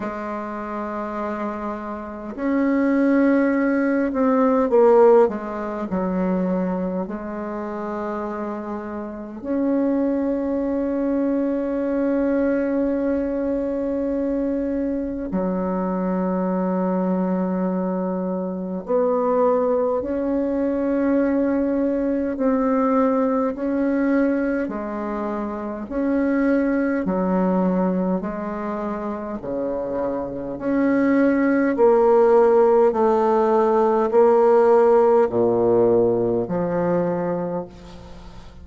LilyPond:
\new Staff \with { instrumentName = "bassoon" } { \time 4/4 \tempo 4 = 51 gis2 cis'4. c'8 | ais8 gis8 fis4 gis2 | cis'1~ | cis'4 fis2. |
b4 cis'2 c'4 | cis'4 gis4 cis'4 fis4 | gis4 cis4 cis'4 ais4 | a4 ais4 ais,4 f4 | }